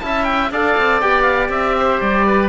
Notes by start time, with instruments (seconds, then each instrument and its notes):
0.00 cello C#4, trombone E4, oboe A5
0.06 oboe E5
0.24 oboe G5
0.51 cello D4, trombone A4, oboe D5 F5
0.78 cello C4
1.01 cello B3, trombone G4, oboe G5
1.23 oboe F5
1.49 cello C4, oboe E5
1.78 oboe C5
2.01 cello G3, oboe D5
2.27 oboe B4